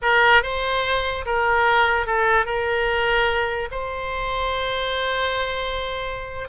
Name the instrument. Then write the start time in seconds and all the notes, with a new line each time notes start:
oboe
0.02 A#4
0.42 C5
1.25 A#4
2.06 A4
2.45 A#4
3.71 C5